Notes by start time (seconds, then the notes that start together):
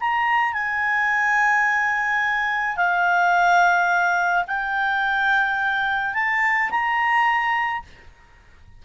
0.00 A#5
0.53 G#5
2.77 F5
4.48 G5
6.14 A5
6.71 A#5